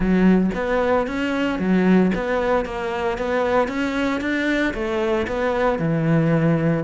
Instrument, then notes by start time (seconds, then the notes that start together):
cello
0.00 F#3
0.54 B3
1.07 C#4
1.59 F#3
2.14 B3
2.65 A#3
3.17 B3
3.68 C#4
4.20 D4
4.74 A3
5.27 B3
5.78 E3